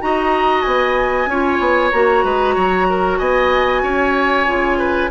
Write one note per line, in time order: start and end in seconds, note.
0.00 0.66 D#4
0.00 1.28 F#4
0.00 1.29 D#5
0.00 0.61 A#5
0.61 1.26 B3
0.61 1.89 G#5
1.26 1.58 C#4
1.26 1.93 F4
1.26 2.24 C#5
1.59 1.91 B3
1.91 2.24 A#3
1.91 4.46 F#4
1.91 3.18 A#5
2.24 2.56 G#3
2.24 2.55 B4
2.55 3.19 F#3
2.55 2.87 C#5
2.89 3.18 A#4
3.18 3.83 B3
3.18 3.82 D#5
3.18 5.10 G#5
3.83 4.47 C#4
3.83 4.78 C#5
4.46 5.11 C#3
4.46 5.10 F4
4.78 5.10 B4